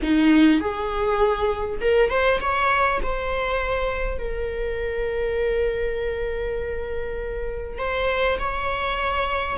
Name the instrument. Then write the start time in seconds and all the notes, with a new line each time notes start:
viola
0.02 D#4
0.60 G#4
1.80 A#4
2.10 C5
2.40 C#5
3.02 C5
4.18 A#4
7.78 C5
8.38 C#5